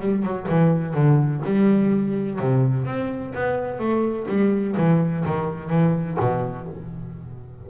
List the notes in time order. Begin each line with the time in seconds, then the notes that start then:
0.00 G3
0.23 F#3
0.48 E3
0.94 D3
1.45 G3
2.39 C3
2.85 C4
3.34 B3
3.79 A3
4.28 G3
4.77 E3
5.25 D#3
5.69 E3
6.19 B2